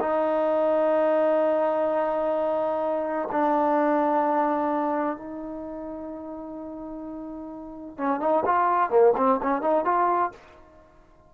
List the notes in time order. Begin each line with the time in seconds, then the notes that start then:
0.00 D#4
3.31 D4
5.16 D#4
7.97 C#4
8.20 D#4
8.45 F4
8.90 A#3
9.17 C4
9.42 C#4
9.62 D#4
9.85 F4